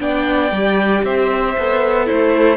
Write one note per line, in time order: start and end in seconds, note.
0.00 0.52 B3
0.00 0.52 D4
0.00 1.05 D5
0.00 1.05 G5
0.52 1.03 G3
0.52 1.57 G4
1.04 1.56 C4
1.04 2.06 C5
1.04 2.08 E5
1.58 2.10 B3
1.58 2.58 A4
2.06 2.58 A3
2.06 2.58 E4
2.06 2.58 C5